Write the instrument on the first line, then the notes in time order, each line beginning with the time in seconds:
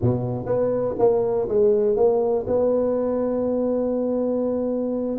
tuba
0.01 B2
0.45 B3
0.98 A#3
1.48 G#3
1.96 A#3
2.47 B3